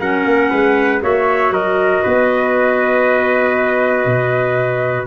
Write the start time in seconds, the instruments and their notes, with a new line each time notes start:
0.00 tuba F#3, clarinet C#4, trumpet A#4 F#5
0.25 tuba A#3
0.50 tuba G#3, trumpet B4
1.01 tuba A#3, clarinet F#4, trumpet C#5 E5
1.51 tuba F#3, trumpet A#4 D#5
2.03 tuba B3, trumpet B4
4.05 tuba B2